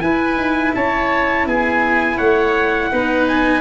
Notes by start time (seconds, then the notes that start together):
0.00 E4 B4 G#5
0.36 D#4
0.74 C#4 C#5 A5
1.46 B3 G#4 G#5
2.17 A3 C#5 F#5
2.91 B3 D#4 B4
3.27 G#5